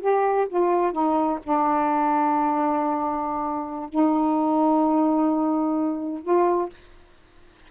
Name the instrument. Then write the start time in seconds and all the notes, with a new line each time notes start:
saxophone
0.00 G4
0.49 F4
0.92 D#4
1.43 D4
3.89 D#4
6.22 F4